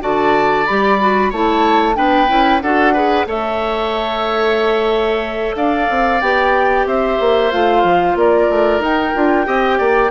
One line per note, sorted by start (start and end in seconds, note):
0.00 0.68 D3
0.00 0.65 F#4
0.00 1.30 D5
0.00 0.66 A5
0.66 1.32 G3
0.66 0.99 G4
0.66 1.31 B5
0.99 1.32 F#4
1.30 1.97 A3
1.30 1.94 E4
1.30 1.95 C#5
1.30 1.96 A5
1.94 2.29 B3
1.94 2.27 D4
1.94 2.63 B4
1.94 2.61 G5
2.28 2.62 C#4
2.28 2.60 E4
2.61 3.26 D4
2.61 2.95 F#4
2.61 2.93 A4
2.61 3.26 F#5
2.93 3.27 G#4
2.93 3.26 B4
3.26 5.54 A3
3.26 6.21 A4
3.26 5.56 C#5
3.26 5.56 E5
5.55 5.88 D4
5.55 6.87 D5
5.55 6.21 F5
5.90 6.21 C4
6.21 6.86 B3
6.21 7.52 G4
6.21 6.86 G5
6.86 7.18 C4
6.86 8.18 C5
6.86 7.51 E5
7.20 7.52 A#3
7.51 7.84 A3
7.51 8.82 F4
7.51 8.17 F5
7.84 8.15 F3
8.15 8.48 A#3
8.15 9.47 A#4
8.15 8.83 D5
8.50 8.79 A3
8.79 9.12 D#4
8.79 9.15 D#4
8.79 10.11 G5
9.15 9.47 D4
9.15 9.45 F4
9.45 9.80 C4
9.45 10.10 G4
9.45 9.78 D#5
9.78 10.11 A#3
9.78 10.11 D5